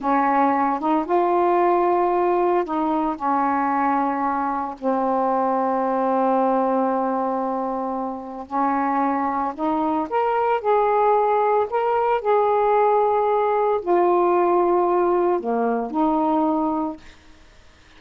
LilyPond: \new Staff \with { instrumentName = "saxophone" } { \time 4/4 \tempo 4 = 113 cis'4. dis'8 f'2~ | f'4 dis'4 cis'2~ | cis'4 c'2.~ | c'1 |
cis'2 dis'4 ais'4 | gis'2 ais'4 gis'4~ | gis'2 f'2~ | f'4 ais4 dis'2 | }